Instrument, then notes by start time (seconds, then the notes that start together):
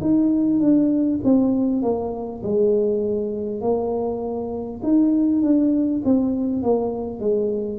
tuba
0.00 D#4
0.59 D4
1.23 C4
1.82 A#3
2.43 G#3
3.61 A#3
4.83 D#4
5.42 D4
6.04 C4
6.62 A#3
7.19 G#3